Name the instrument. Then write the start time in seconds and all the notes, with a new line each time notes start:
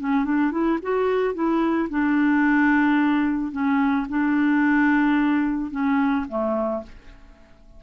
clarinet
0.00 C#4
0.25 D4
0.52 E4
0.83 F#4
1.34 E4
1.90 D4
3.52 C#4
4.09 D4
5.71 C#4
6.29 A3